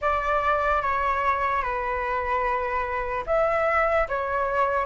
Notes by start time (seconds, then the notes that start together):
0.01 D5
0.81 C#5
1.62 B4
3.26 E5
4.08 C#5